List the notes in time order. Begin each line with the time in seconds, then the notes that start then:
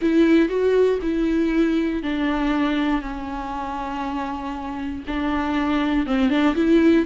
0.01 E4
0.48 F#4
1.02 E4
2.02 D4
3.01 C#4
5.07 D4
6.06 C4
6.29 D4
6.55 E4